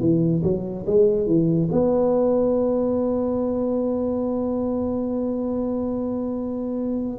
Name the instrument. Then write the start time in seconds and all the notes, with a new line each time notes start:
tuba
0.00 E3
0.43 F#3
0.87 G#3
1.27 E3
1.72 B3